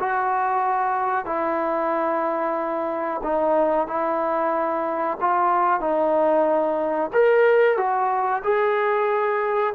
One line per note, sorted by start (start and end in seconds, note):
0.00 1.26 F#4
1.26 3.22 E4
3.24 3.88 D#4
3.88 5.18 E4
5.21 5.81 F4
5.81 7.11 D#4
7.13 7.78 A#4
7.78 8.43 F#4
8.44 9.75 G#4